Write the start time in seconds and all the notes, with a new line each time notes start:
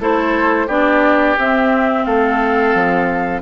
0.00 A3 E4 A4 C5
0.67 B3 D4 G4 D5
1.38 C4 E5
2.04 A3 A4 F5
2.74 F3